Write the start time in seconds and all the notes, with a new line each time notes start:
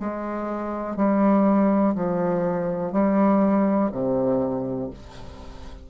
0.00 G#3
0.97 G3
1.95 F3
2.93 G3
3.93 C3